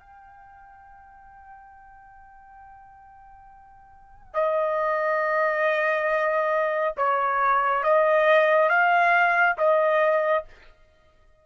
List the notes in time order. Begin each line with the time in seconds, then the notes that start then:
0.00 G5
4.34 D#5
6.97 C#5
7.83 D#5
8.69 F5
9.58 D#5